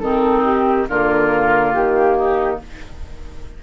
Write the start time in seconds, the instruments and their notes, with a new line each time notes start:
0.00 bassoon D#3, clarinet C4, oboe D#4, flute A4
0.44 flute G4
0.89 bassoon D3, clarinet A#3, oboe F4, flute A#4
1.73 bassoon D#3, flute G4
2.18 oboe D#4